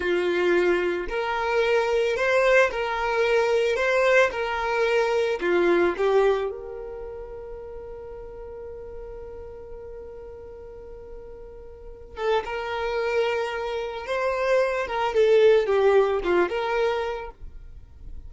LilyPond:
\new Staff \with { instrumentName = "violin" } { \time 4/4 \tempo 4 = 111 f'2 ais'2 | c''4 ais'2 c''4 | ais'2 f'4 g'4 | ais'1~ |
ais'1~ | ais'2~ ais'8 a'8 ais'4~ | ais'2 c''4. ais'8 | a'4 g'4 f'8 ais'4. | }